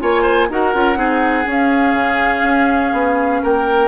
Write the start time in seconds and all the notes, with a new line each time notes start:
0.00 A#3 F4 C#5 G#5
0.22 C5
0.49 D#4 F#4 A#4 F#5
0.74 C#4 F4
0.95 C4 D#4 G#4
1.46 C#4 F5
1.93 C#3
2.43 C#4
2.93 B3
3.43 A#3 A#4 G5